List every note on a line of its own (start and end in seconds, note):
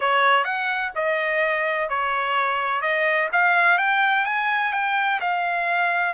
0.00 0.44 C#5
0.44 0.91 F#5
0.95 1.89 D#5
1.89 2.81 C#5
2.81 3.28 D#5
3.32 3.78 F5
3.78 4.25 G5
4.25 4.72 G#5
4.72 5.20 G5
5.20 6.13 F5